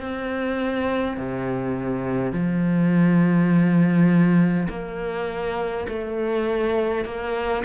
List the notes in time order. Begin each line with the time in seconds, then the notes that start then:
0.00 C4
1.17 C3
2.33 F3
4.70 A#3
5.88 A3
7.05 A#3